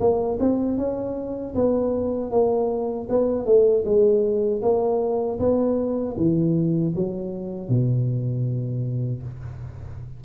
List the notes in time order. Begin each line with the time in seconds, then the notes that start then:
0.00 A#3
0.40 C4
0.78 C#4
1.55 B3
2.31 A#3
3.09 B3
3.46 A3
3.85 G#3
4.62 A#3
5.40 B3
6.17 E3
6.95 F#3
7.69 B2